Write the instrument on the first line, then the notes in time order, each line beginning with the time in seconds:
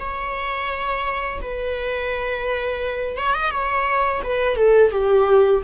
viola
0.00 C#5
1.41 B4
3.17 C#5
3.34 D#5
3.51 C#5
4.24 B4
4.57 A4
4.92 G4